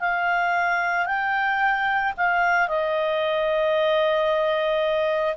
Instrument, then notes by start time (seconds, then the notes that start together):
clarinet
0.00 F5
1.06 G5
2.17 F5
2.69 D#5